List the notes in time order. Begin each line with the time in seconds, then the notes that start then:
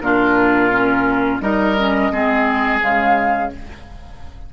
0.00 A#2 D4 F4 A#4
0.72 C#4
1.41 G3 D#4 A#4 D#5
1.79 C#4
2.11 G#3 C4 G#4
2.82 C#3 G#3 F5